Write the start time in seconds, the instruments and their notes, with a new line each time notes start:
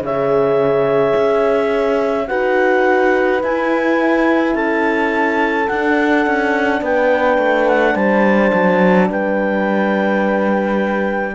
0.00 cello C#3, horn G#4 C#5, clarinet E5
1.16 cello C#4
2.27 cello D#4, horn F#4 B4, clarinet F#5
3.43 horn E4, cello E4, clarinet G#5
4.55 cello C#4, horn A4, clarinet A5
5.68 cello D4, horn D4, clarinet F#5
6.26 cello C#4
6.81 cello B3, horn B4, clarinet G5
7.38 cello A3
7.68 clarinet F#5
7.94 cello G3, horn C5, clarinet A5
8.54 cello F#3
9.10 cello G3, horn B4, clarinet G5